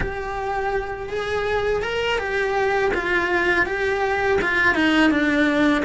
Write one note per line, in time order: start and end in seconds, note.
0.00 1.09 G4
1.09 1.82 G#4
1.82 2.18 A#4
2.18 2.91 G4
2.93 3.66 F4
3.66 4.39 G4
4.41 4.74 F4
4.74 5.10 D#4
5.10 5.83 D4